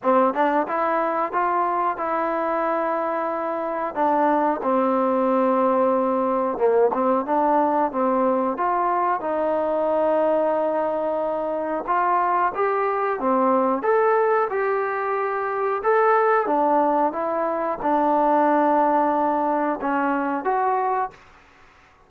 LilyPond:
\new Staff \with { instrumentName = "trombone" } { \time 4/4 \tempo 4 = 91 c'8 d'8 e'4 f'4 e'4~ | e'2 d'4 c'4~ | c'2 ais8 c'8 d'4 | c'4 f'4 dis'2~ |
dis'2 f'4 g'4 | c'4 a'4 g'2 | a'4 d'4 e'4 d'4~ | d'2 cis'4 fis'4 | }